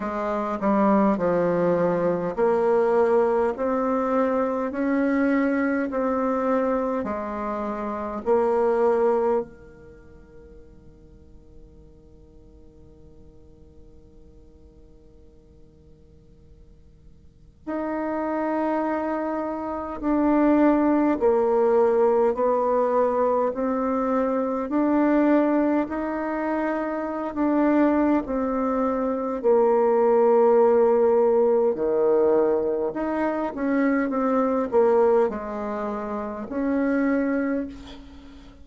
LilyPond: \new Staff \with { instrumentName = "bassoon" } { \time 4/4 \tempo 4 = 51 gis8 g8 f4 ais4 c'4 | cis'4 c'4 gis4 ais4 | dis1~ | dis2. dis'4~ |
dis'4 d'4 ais4 b4 | c'4 d'4 dis'4~ dis'16 d'8. | c'4 ais2 dis4 | dis'8 cis'8 c'8 ais8 gis4 cis'4 | }